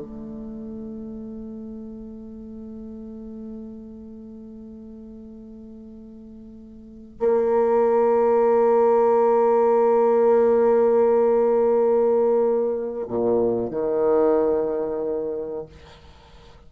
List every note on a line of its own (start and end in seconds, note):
0.00 7.17 A3
7.19 13.06 A#3
13.07 13.70 A#2
13.70 15.66 D#3